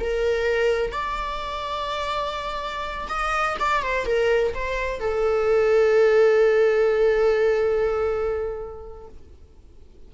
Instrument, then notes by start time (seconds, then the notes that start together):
viola
0.00 A#4
0.92 D5
3.09 D#5
3.60 D5
3.82 C5
4.05 A#4
4.54 C5
5.00 A4